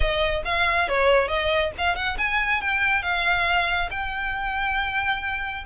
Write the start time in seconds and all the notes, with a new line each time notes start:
0.00 D#5
0.44 F5
0.88 C#5
1.28 D#5
1.77 F5
1.95 F#5
2.18 G#5
2.61 G5
3.02 F5
3.91 G5